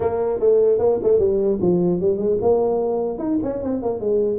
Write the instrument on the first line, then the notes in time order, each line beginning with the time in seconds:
tuba
0.00 A#3
0.39 A3
0.78 A#3
1.03 A3
1.19 G3
1.61 F3
2.00 G3
2.17 G#3
2.41 A#3
3.18 D#4
3.43 C#4
3.62 C4
3.82 A#3
4.00 G#3